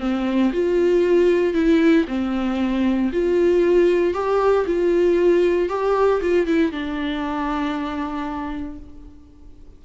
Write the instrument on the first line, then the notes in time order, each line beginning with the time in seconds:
viola
0.00 C4
0.53 F4
1.54 E4
2.08 C4
3.13 F4
4.14 G4
4.67 F4
5.69 G4
6.22 F4
6.47 E4
6.72 D4